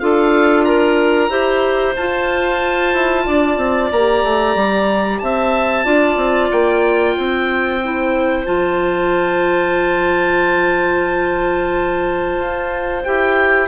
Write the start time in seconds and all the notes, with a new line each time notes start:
0.00 D4 F4 A4 F5
0.65 A#4 A#5
1.29 E4 G4 C5
1.97 F4 A5
2.94 E4
3.26 D4 D5
3.57 C4
3.92 A#3 G4 A#5
4.24 A3
4.56 G3
5.19 C4 E5 A5
5.85 D4 F4 D5
6.17 C4
6.52 A#3 G5
7.18 C4 C5
7.84 E4
8.45 F3 F4 A5
12.38 F4
13.04 E4 G4 G5